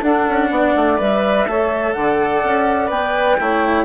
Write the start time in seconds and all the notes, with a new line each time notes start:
0.00 D4 A4 F#5
0.28 C#4
0.50 B3 D5
0.75 A3
0.97 G3 B4 E5
1.46 A3 A4 C#5
1.92 D3 D5 F#5
2.43 C#4
2.87 B3 B4 G5
3.39 A3 E4 C#5